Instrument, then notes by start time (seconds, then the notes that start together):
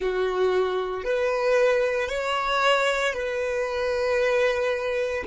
violin
0.00 F#4
1.04 B4
2.09 C#5
3.13 B4